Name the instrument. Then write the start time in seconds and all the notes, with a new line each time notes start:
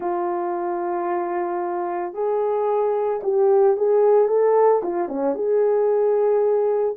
horn
0.00 F4
2.13 G#4
3.23 G4
3.76 G#4
4.27 A4
4.83 F4
5.08 C#4
5.34 G#4